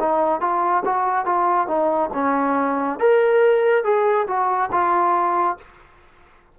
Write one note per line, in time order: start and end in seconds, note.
0.00 0.41 D#4
0.41 0.83 F4
0.85 1.26 F#4
1.26 1.68 F4
1.68 2.10 D#4
2.14 2.99 C#4
2.99 3.84 A#4
3.84 4.27 G#4
4.28 4.71 F#4
4.72 5.58 F4